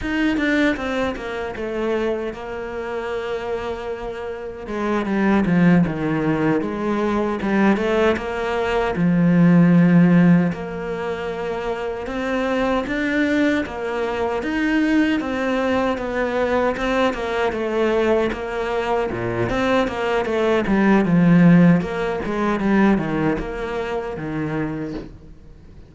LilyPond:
\new Staff \with { instrumentName = "cello" } { \time 4/4 \tempo 4 = 77 dis'8 d'8 c'8 ais8 a4 ais4~ | ais2 gis8 g8 f8 dis8~ | dis8 gis4 g8 a8 ais4 f8~ | f4. ais2 c'8~ |
c'8 d'4 ais4 dis'4 c'8~ | c'8 b4 c'8 ais8 a4 ais8~ | ais8 ais,8 c'8 ais8 a8 g8 f4 | ais8 gis8 g8 dis8 ais4 dis4 | }